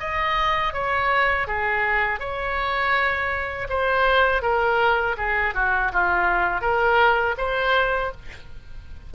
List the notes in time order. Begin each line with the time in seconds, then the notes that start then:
0.00 D#5
0.74 C#5
1.47 G#4
2.20 C#5
3.70 C5
4.42 A#4
5.18 G#4
5.55 F#4
5.93 F4
6.62 A#4
7.38 C5